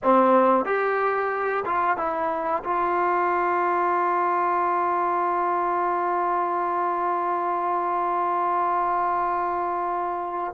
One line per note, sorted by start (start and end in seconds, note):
0.03 0.65 C4
0.65 1.64 G4
1.65 1.97 F4
1.97 2.63 E4
2.64 10.53 F4